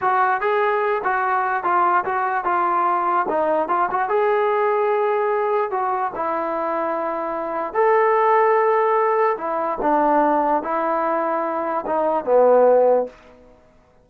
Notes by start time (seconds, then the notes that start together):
0.01 F#4
0.40 G#4
1.04 F#4
1.63 F4
2.04 F#4
2.44 F4
3.29 D#4
3.68 F4
3.90 F#4
4.08 G#4
5.71 F#4
6.15 E4
7.73 A4
9.37 E4
9.81 D4
10.62 E4
11.86 D#4
12.24 B3